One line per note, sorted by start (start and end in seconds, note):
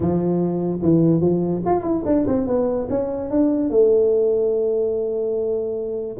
0.00 0.80 F3
0.81 1.20 E3
1.20 1.62 F3
1.65 1.82 F4
1.82 2.03 E4
2.05 2.26 D4
2.26 2.47 C4
2.47 2.88 B3
2.89 3.30 C#4
3.30 3.70 D4
3.70 6.16 A3